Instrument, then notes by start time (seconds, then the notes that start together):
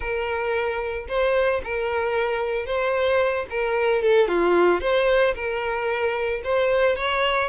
violin
0.00 A#4
1.08 C5
1.63 A#4
2.65 C5
3.50 A#4
4.02 A4
4.28 F4
4.80 C5
5.34 A#4
6.43 C5
6.95 C#5